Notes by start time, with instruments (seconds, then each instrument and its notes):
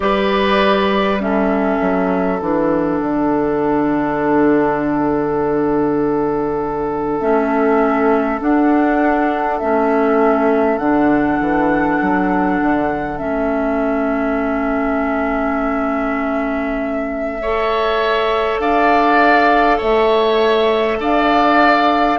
0.00 bassoon G3, clarinet G4, oboe B4, flute D5
1.19 clarinet C#4, oboe A4, flute E5
1.80 bassoon F#3
2.40 bassoon E3, clarinet D4, flute F#5
3.00 bassoon D3
7.20 bassoon A3, clarinet C#4, flute E5
8.40 clarinet D4, bassoon D4, flute F#5
9.58 bassoon A3, clarinet C#4, flute E5
10.78 bassoon D3, clarinet D4, flute F#5
11.39 bassoon E3
12.01 bassoon F#3
12.61 bassoon D3
13.18 bassoon A3, clarinet C#4, flute E5
17.41 clarinet A4, oboe C#5
18.58 bassoon D4, oboe D5, flute F5
19.77 bassoon A3, oboe C#5, flute E5
20.99 bassoon D4, oboe D5, flute F5